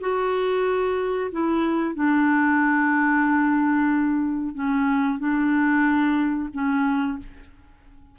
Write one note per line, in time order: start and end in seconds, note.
0.00 1.30 F#4
1.32 1.95 E4
1.95 4.54 D4
4.54 5.18 C#4
5.18 6.49 D4
6.53 7.18 C#4